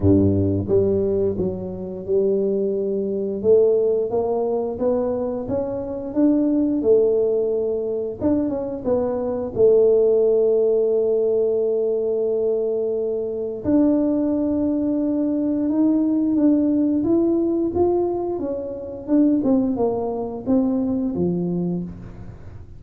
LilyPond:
\new Staff \with { instrumentName = "tuba" } { \time 4/4 \tempo 4 = 88 g,4 g4 fis4 g4~ | g4 a4 ais4 b4 | cis'4 d'4 a2 | d'8 cis'8 b4 a2~ |
a1 | d'2. dis'4 | d'4 e'4 f'4 cis'4 | d'8 c'8 ais4 c'4 f4 | }